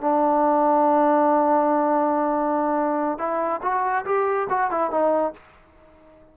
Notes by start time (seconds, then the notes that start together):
0.00 D4
3.18 E4
3.62 F#4
4.05 G4
4.49 F#4
4.70 E4
4.90 D#4